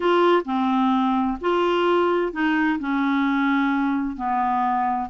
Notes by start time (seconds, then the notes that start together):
0.00 F4
0.45 C4
1.40 F4
2.32 D#4
2.79 C#4
4.16 B3